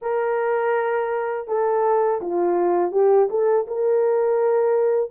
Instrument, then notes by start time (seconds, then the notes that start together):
horn
0.01 A#4
1.47 A4
2.21 F4
2.91 G4
3.29 A4
3.67 A#4